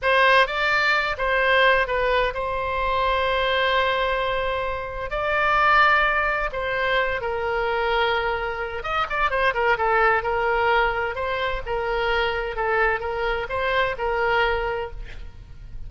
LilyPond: \new Staff \with { instrumentName = "oboe" } { \time 4/4 \tempo 4 = 129 c''4 d''4. c''4. | b'4 c''2.~ | c''2. d''4~ | d''2 c''4. ais'8~ |
ais'2. dis''8 d''8 | c''8 ais'8 a'4 ais'2 | c''4 ais'2 a'4 | ais'4 c''4 ais'2 | }